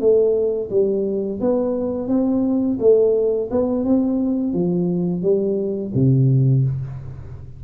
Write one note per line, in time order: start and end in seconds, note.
0.00 0.70 A3
0.70 1.40 G3
1.40 2.08 B3
2.08 2.77 C4
2.79 3.49 A3
3.50 3.84 B3
3.84 4.53 C4
4.53 5.22 F3
5.22 5.91 G3
5.94 6.64 C3